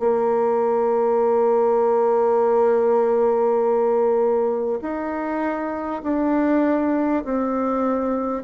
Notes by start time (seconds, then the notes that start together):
0.00 A#3
4.82 D#4
6.04 D4
7.25 C4